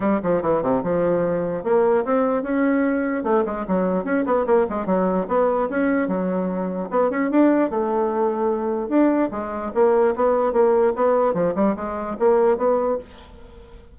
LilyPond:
\new Staff \with { instrumentName = "bassoon" } { \time 4/4 \tempo 4 = 148 g8 f8 e8 c8 f2 | ais4 c'4 cis'2 | a8 gis8 fis4 cis'8 b8 ais8 gis8 | fis4 b4 cis'4 fis4~ |
fis4 b8 cis'8 d'4 a4~ | a2 d'4 gis4 | ais4 b4 ais4 b4 | f8 g8 gis4 ais4 b4 | }